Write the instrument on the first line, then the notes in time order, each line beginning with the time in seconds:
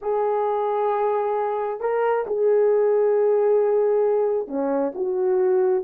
horn
0.01 G#4
1.80 A#4
2.26 G#4
4.47 C#4
4.94 F#4